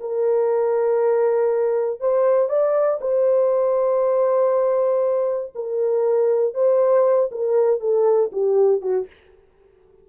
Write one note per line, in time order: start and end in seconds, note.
0.00 2.00 A#4
2.00 2.48 C5
2.48 2.99 D5
3.00 5.53 C5
5.55 6.54 A#4
6.54 7.29 C5
7.31 7.80 A#4
7.80 8.30 A4
8.32 8.81 G4
8.81 9.06 F#4